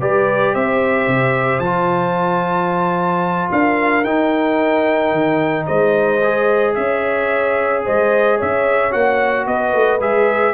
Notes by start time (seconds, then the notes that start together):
0.00 G3 G4 B4 D5
0.53 C4 C5 E5
1.07 C3
1.59 F3 F4 A5
3.52 D4 A#4 F5
4.04 D#4 G5
5.12 D#3
5.66 G#3 C5 D#5
6.23 G#4
6.75 C#4 C#5 E5
7.84 G#3 C5 D#5
8.37 C#4 C#5 E5
8.91 A#3 F#4 F#5
9.47 B3 B4 D#5
9.73 A3
10.00 G#3 G#4 E5